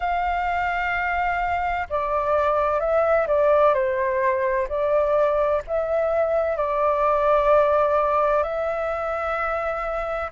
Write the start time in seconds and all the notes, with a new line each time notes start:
0.00 F5
1.89 D5
2.80 E5
3.27 D5
3.73 C5
4.68 D5
5.67 E5
6.56 D5
8.43 E5